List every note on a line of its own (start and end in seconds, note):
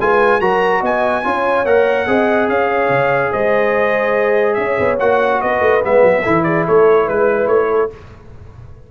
0.00 0.41 G#3
0.00 0.40 F4
0.00 0.40 B4
0.00 0.41 G#5
0.40 0.82 F#3
0.40 1.24 F#4
0.40 0.80 A#4
0.40 0.82 A#5
0.80 1.24 B3
0.80 1.22 D#5
0.80 1.65 G#5
1.24 1.65 C#4
1.24 1.66 F4
1.24 2.08 C#5
1.65 2.07 A#3
1.65 2.07 A#4
1.65 2.49 F#5
2.07 2.48 C4
2.07 4.99 G#4
2.07 2.49 D#5
2.48 2.89 C#4
2.48 3.31 C#5
2.48 3.32 F5
2.89 3.31 C#3
3.31 4.58 G#3
3.31 4.56 C5
3.31 4.54 D#5
4.54 4.78 C#4
4.54 5.41 C#5
4.54 4.95 E5
4.79 5.00 B3
4.99 5.41 A#3
4.99 5.81 F#4
4.99 5.41 F#5
5.41 5.61 B3
5.41 6.22 B4
5.41 5.83 D#5
5.61 5.82 A3
5.81 6.03 G#3
5.81 6.23 B3
5.81 6.43 E5
6.03 6.24 F#3
6.22 6.67 E3
6.22 7.90 E4
6.22 6.43 A4
6.43 6.65 G#4
6.43 6.64 D5
6.65 7.09 A3
6.65 7.05 A4
6.65 7.08 C#5
7.05 7.47 G#3
7.05 7.68 B4
7.05 7.48 B4
7.47 7.89 A3
7.47 7.89 C#5
7.70 7.91 A4